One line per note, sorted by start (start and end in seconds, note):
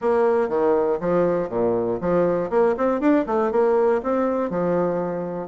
0.01 0.48 A#3
0.48 0.98 D#3
1.00 1.49 F3
1.49 1.99 A#2
2.00 2.50 F3
2.50 2.75 A#3
2.77 3.00 C4
3.00 3.25 D4
3.26 3.51 A3
3.51 4.01 A#3
4.02 4.50 C4
4.50 5.47 F3